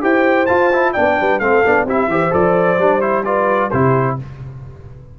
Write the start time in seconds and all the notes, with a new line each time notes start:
0.00 E4 G4 C5 G5
0.46 F4 A5
0.72 E4
0.93 B3 D4 D5 G5
1.19 G3 B4
1.39 A3 C4 A4 F5
1.64 B3 D4
1.84 C4 E4 G4 E5
2.08 E3 G4 C5
2.30 F3 A4 D5
2.78 G3 D4
3.01 E4 C5
3.24 F4 B4 D5
3.70 C3 E4 G4 C5